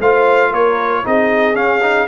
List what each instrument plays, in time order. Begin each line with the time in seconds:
0.00 tuba A3, trombone F4, horn C5, trumpet F5
0.50 tuba A#3, horn A#4, trumpet C#5
1.05 tuba C4, trombone D#4, horn G#4, trumpet D#5
1.55 trombone C#4, tuba C#4, trumpet F5
1.82 trombone D#4